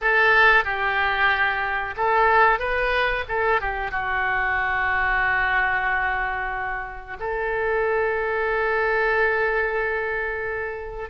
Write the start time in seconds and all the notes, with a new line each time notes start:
0.01 A4
0.64 G4
1.96 A4
2.59 B4
3.28 A4
3.60 G4
3.91 F#4
7.19 A4